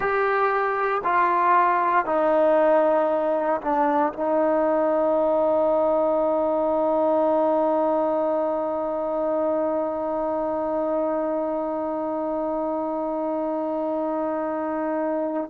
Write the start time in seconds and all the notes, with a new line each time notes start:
0.00 G4
1.03 F4
2.05 D#4
3.61 D4
4.13 D#4